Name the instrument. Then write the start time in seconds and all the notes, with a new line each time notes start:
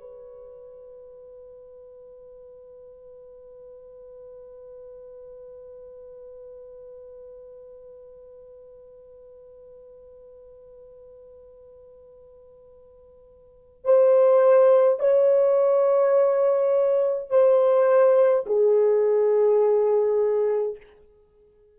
horn
0.00 B4
13.85 C5
14.99 C#5
17.29 C5
18.46 G#4